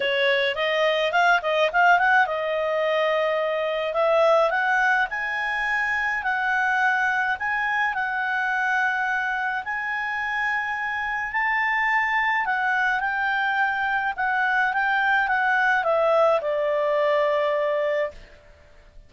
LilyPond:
\new Staff \with { instrumentName = "clarinet" } { \time 4/4 \tempo 4 = 106 cis''4 dis''4 f''8 dis''8 f''8 fis''8 | dis''2. e''4 | fis''4 gis''2 fis''4~ | fis''4 gis''4 fis''2~ |
fis''4 gis''2. | a''2 fis''4 g''4~ | g''4 fis''4 g''4 fis''4 | e''4 d''2. | }